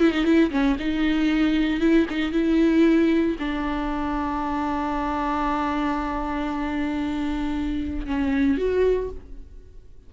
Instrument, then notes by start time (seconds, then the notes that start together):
viola
0.00 E4
0.11 D#4
0.24 E4
0.51 C#4
0.79 D#4
1.80 E4
2.09 D#4
2.32 E4
3.39 D4
8.06 C#4
8.57 F#4